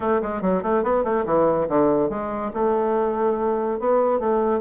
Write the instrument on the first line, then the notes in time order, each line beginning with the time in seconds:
bassoon
0.00 A3
0.22 G#3
0.41 F#3
0.62 A3
0.83 B3
1.04 A3
1.25 E3
1.68 D3
2.09 G#3
2.53 A3
3.79 B3
4.19 A3